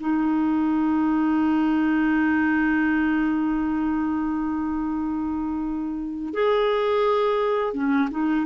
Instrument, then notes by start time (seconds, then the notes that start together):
clarinet
0.00 D#4
6.34 G#4
7.74 C#4
8.11 D#4